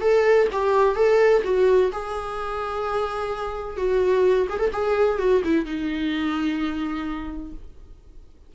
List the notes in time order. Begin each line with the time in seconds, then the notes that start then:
0.00 A4
0.52 G4
0.95 A4
1.44 F#4
1.92 G#4
3.77 F#4
4.49 G#4
4.59 A4
4.72 G#4
5.18 F#4
5.44 E4
5.65 D#4